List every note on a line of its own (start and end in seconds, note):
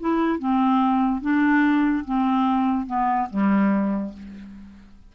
0.00 0.39 E4
0.39 1.21 C4
1.21 2.04 D4
2.05 2.86 C4
2.86 3.28 B3
3.30 4.13 G3